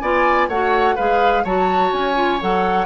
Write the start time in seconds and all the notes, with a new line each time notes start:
0.00 B3 F4 D5 G#5
0.49 A3 F#4 C#5 F#5
0.96 G#3 G#4 B4 F5
1.44 F#3 F#4 C#5 A5
1.93 C#4 G#5
2.15 F4
2.41 F#3 A4 F#5